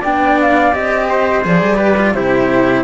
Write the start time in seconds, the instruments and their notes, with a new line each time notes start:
0.00 cello B3 D4, trumpet D5, flute G5
0.41 flute F5
0.71 cello C4 G4, flute D#5
1.08 trumpet C5
1.43 cello F3 G#4, flute D5
1.61 cello G3
1.76 cello G4, trumpet B4
1.97 cello F4
2.13 cello C3 E4, trumpet G4, flute C5